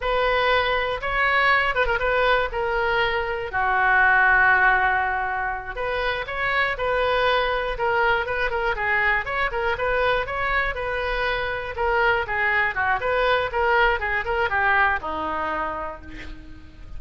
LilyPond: \new Staff \with { instrumentName = "oboe" } { \time 4/4 \tempo 4 = 120 b'2 cis''4. b'16 ais'16 | b'4 ais'2 fis'4~ | fis'2.~ fis'8 b'8~ | b'8 cis''4 b'2 ais'8~ |
ais'8 b'8 ais'8 gis'4 cis''8 ais'8 b'8~ | b'8 cis''4 b'2 ais'8~ | ais'8 gis'4 fis'8 b'4 ais'4 | gis'8 ais'8 g'4 dis'2 | }